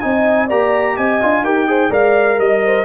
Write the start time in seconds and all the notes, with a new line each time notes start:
0.00 C4 D#4 D#5 G#5
0.47 A#3 G4 D5 A#5
0.97 C4 D#5 G#5
1.21 D4 F4
1.41 D#4 G4 A#4 G5
1.67 G#4 C5
1.90 G#3 A#4 D5 F5
2.38 G3 D#5
2.66 C5